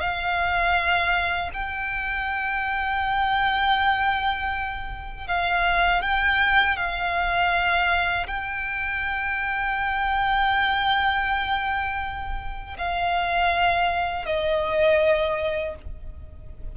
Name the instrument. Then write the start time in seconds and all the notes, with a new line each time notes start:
violin
0.00 F5
1.53 G5
5.27 F5
6.02 G5
6.77 F5
8.27 G5
12.78 F5
14.25 D#5